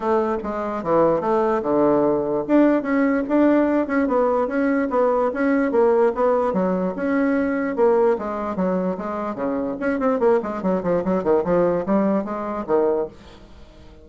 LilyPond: \new Staff \with { instrumentName = "bassoon" } { \time 4/4 \tempo 4 = 147 a4 gis4 e4 a4 | d2 d'4 cis'4 | d'4. cis'8 b4 cis'4 | b4 cis'4 ais4 b4 |
fis4 cis'2 ais4 | gis4 fis4 gis4 cis4 | cis'8 c'8 ais8 gis8 fis8 f8 fis8 dis8 | f4 g4 gis4 dis4 | }